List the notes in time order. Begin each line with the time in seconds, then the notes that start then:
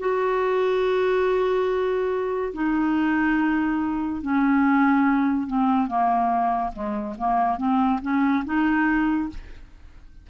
0.00 F#4
2.54 D#4
4.22 C#4
5.47 C4
5.88 A#3
6.73 G#3
7.18 A#3
7.58 C4
8.02 C#4
8.45 D#4